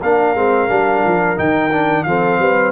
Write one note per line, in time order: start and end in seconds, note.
0.00 0.35 A#3
0.00 0.36 D4
0.00 2.05 A#4
0.00 1.38 F5
0.35 0.69 G#3
0.35 0.69 C4
0.69 1.04 G3
0.69 1.36 D4
1.05 1.39 F3
1.36 2.05 D#3
1.36 1.70 D#4
1.36 2.04 G5
1.72 2.06 D4
2.04 2.38 F3
2.04 2.72 C4
2.04 2.40 A4
2.04 2.72 F5
2.38 2.72 G3
2.38 2.72 B4